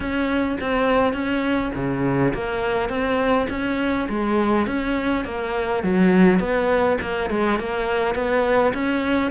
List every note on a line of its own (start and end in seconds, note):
0.00 0.57 C#4
0.60 1.13 C4
1.13 1.71 C#4
1.75 2.33 C#3
2.34 2.89 A#3
2.89 3.47 C4
3.50 4.08 C#4
4.09 4.67 G#3
4.67 5.25 C#4
5.25 5.83 A#3
5.83 6.39 F#3
6.39 6.97 B3
7.01 7.30 A#3
7.30 7.59 G#3
7.59 8.14 A#3
8.14 8.73 B3
8.73 9.31 C#4